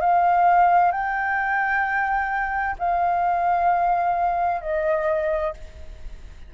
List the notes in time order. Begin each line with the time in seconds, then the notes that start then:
0.00 F5
0.91 G5
2.78 F5
4.61 D#5